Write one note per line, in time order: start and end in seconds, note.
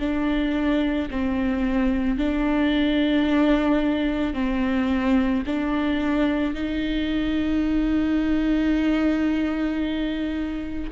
0.00 1.09 D4
1.11 2.18 C4
2.18 4.34 D4
4.34 5.43 C4
5.47 6.55 D4
6.55 10.91 D#4